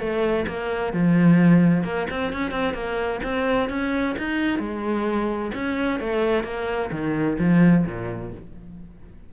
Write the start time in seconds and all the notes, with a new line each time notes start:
0.00 A3
0.47 A#3
0.93 F3
1.84 A#3
2.11 C4
2.33 C#4
2.51 C4
2.74 A#3
3.23 C4
3.70 C#4
4.19 D#4
4.59 G#3
5.54 C#4
6.00 A3
6.44 A#3
6.91 D#3
7.39 F3
7.86 A#2